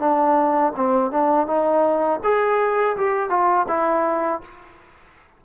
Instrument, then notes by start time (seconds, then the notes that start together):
trombone
0.00 D4
0.76 C4
1.12 D4
1.47 D#4
2.24 G#4
2.97 G4
3.30 F4
3.69 E4